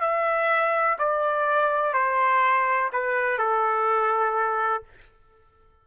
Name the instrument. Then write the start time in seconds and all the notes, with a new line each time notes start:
trumpet
0.00 E5
0.99 D5
1.93 C5
2.92 B4
3.38 A4